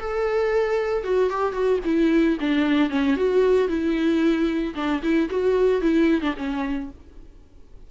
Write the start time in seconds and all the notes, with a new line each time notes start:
0.00 A4
1.05 F#4
1.31 G4
1.53 F#4
1.85 E4
2.41 D4
2.90 C#4
3.17 F#4
3.69 E4
4.76 D4
5.03 E4
5.30 F#4
5.82 E4
6.22 D4
6.37 C#4